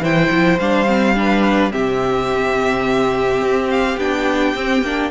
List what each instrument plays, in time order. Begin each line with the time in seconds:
0.00 cello E3, viola E4, violin C5 G5
0.31 cello F3
0.59 cello G3, viola D4, violin F5
0.87 viola C4
1.15 viola D4, violin B4
1.71 cello C3, viola C4, violin G4 E5
3.42 cello C4
3.71 violin F5
3.98 cello B3, viola D4, violin G5
4.55 cello C4, viola C4
4.82 cello A#3, viola D4